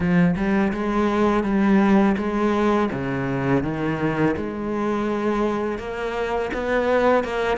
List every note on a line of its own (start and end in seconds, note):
0.00 0.35 F3
0.36 0.72 G3
0.72 1.43 G#3
1.43 2.16 G3
2.17 2.89 G#3
2.91 3.63 C#3
3.63 4.35 D#3
4.36 5.78 G#3
5.78 6.50 A#3
6.53 7.24 B3
7.24 7.57 A#3